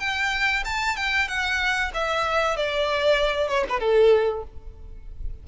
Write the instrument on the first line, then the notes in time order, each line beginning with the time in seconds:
violin
0.00 G5
0.65 A5
0.97 G5
1.28 F#5
1.94 E5
2.56 D5
3.49 C#5
3.69 B4
3.80 A4